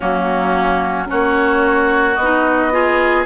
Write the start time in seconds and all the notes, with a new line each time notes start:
0.00 F#3 A#3 C#4 F#4
1.05 A#3 C#4 F#4 C#5
2.15 B3 D#5
2.22 D#4
2.71 F4 G#4